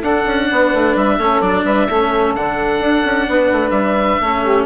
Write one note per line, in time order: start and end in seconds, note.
0.00 0.25 D4
0.00 1.20 D4
0.00 0.47 A4
0.00 0.97 F#5
0.26 0.49 C#4
0.51 0.74 B3
0.51 1.17 B4
0.74 0.95 A3
0.95 1.19 G3
0.95 1.42 E5
1.17 1.41 A3
1.17 1.42 C#4
1.17 1.64 A4
1.41 1.64 F#3
1.41 1.89 D4
1.41 1.65 D5
1.65 1.88 G3
1.65 1.88 B4
1.65 2.34 E5
1.88 2.36 A3
1.88 2.37 C#4
1.88 3.28 A4
2.35 2.81 D3
2.35 4.23 D4
2.35 3.70 F#5
2.81 3.04 D4
3.05 3.28 C#4
3.29 3.52 B3
3.29 4.22 B4
3.52 3.71 A3
3.70 4.18 G3
3.70 4.63 E5
4.21 4.66 A3
4.21 4.66 C#4
4.21 4.43 A4
4.43 4.66 G4